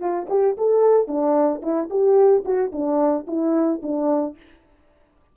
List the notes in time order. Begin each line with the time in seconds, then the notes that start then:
0.00 F4
0.29 G4
0.58 A4
1.08 D4
1.63 E4
1.90 G4
2.45 F#4
2.72 D4
3.27 E4
3.83 D4